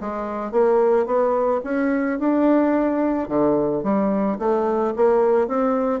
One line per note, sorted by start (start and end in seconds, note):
0.00 0.51 G#3
0.51 1.05 A#3
1.05 1.60 B3
1.64 2.19 C#4
2.19 3.28 D4
3.28 3.83 D3
3.83 4.38 G3
4.38 4.93 A3
4.96 5.47 A#3
5.47 6.00 C4